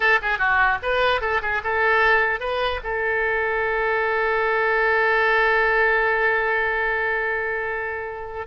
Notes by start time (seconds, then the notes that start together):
0.00 A4
0.22 G#4
0.38 F#4
0.82 B4
1.21 A4
1.42 G#4
1.63 A4
2.40 B4
2.83 A4